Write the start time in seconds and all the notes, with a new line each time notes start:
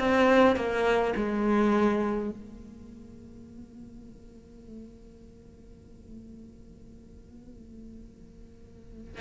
0.00 C4
0.57 A#3
1.16 G#3
2.31 A#3